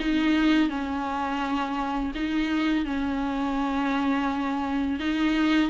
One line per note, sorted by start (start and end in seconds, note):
0.00 0.69 D#4
0.69 2.12 C#4
2.15 2.85 D#4
2.85 5.00 C#4
5.00 5.70 D#4